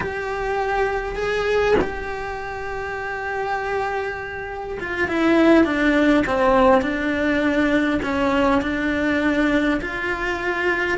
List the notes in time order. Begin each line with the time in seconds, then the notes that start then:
0.00 G4
1.15 G#4
1.81 G4
4.80 F4
5.07 E4
5.64 D4
6.26 C4
6.81 D4
8.02 C#4
8.61 D4
9.81 F4